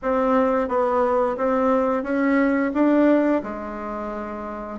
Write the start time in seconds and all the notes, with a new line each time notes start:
0.02 C4
0.68 B3
1.37 C4
2.03 C#4
2.73 D4
3.43 G#3